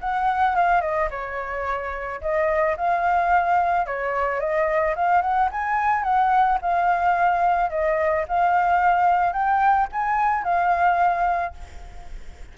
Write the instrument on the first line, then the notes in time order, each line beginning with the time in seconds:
flute
0.00 F#5
0.55 F5
0.81 D#5
1.10 C#5
2.21 D#5
2.76 F5
3.86 C#5
4.39 D#5
4.95 F5
5.21 F#5
5.51 G#5
6.03 F#5
6.61 F5
7.70 D#5
8.28 F5
9.32 G5
9.92 G#5
10.43 F5